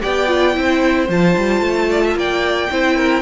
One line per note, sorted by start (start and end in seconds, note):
0.00 0.57 B3
0.00 0.27 G4
0.00 0.56 D5
0.00 1.08 G5
0.27 0.53 F4
0.53 1.08 C4
0.53 1.07 E4
0.53 1.89 C5
1.08 1.35 F3
1.08 2.69 F4
1.08 2.18 A5
1.36 1.60 G3
1.60 2.14 A3
1.89 2.03 D5
2.03 2.17 E5
2.14 2.67 A#3
2.14 2.71 D5
2.14 3.22 G5
2.70 3.22 C4
2.70 3.22 E4
2.70 2.96 C5
2.96 3.22 A#4